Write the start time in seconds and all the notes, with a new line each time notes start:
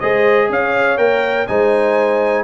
0.00 G#3 G#4 C5 D#5
0.49 C#4 C#5 F5
0.98 A#3 A#4 G5
1.47 G#3 D#4 C5 G#5